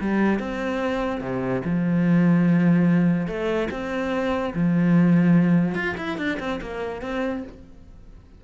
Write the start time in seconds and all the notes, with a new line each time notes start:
0.00 G3
0.39 C4
1.21 C3
1.65 F3
3.27 A3
3.71 C4
4.54 F3
5.75 F4
5.97 E4
6.17 D4
6.39 C4
6.61 A#3
7.02 C4